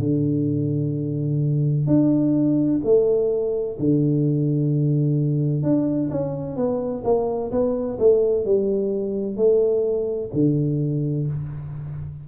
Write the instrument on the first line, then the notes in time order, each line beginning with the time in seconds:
tuba
0.00 D3
1.87 D4
2.84 A3
3.80 D3
5.63 D4
6.11 C#4
6.57 B3
7.04 A#3
7.52 B3
7.99 A3
8.45 G3
9.37 A3
10.34 D3